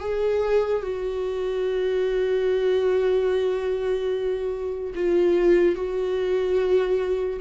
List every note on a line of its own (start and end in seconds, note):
0.00 0.82 G#4
0.83 4.94 F#4
4.95 5.76 F4
5.76 7.40 F#4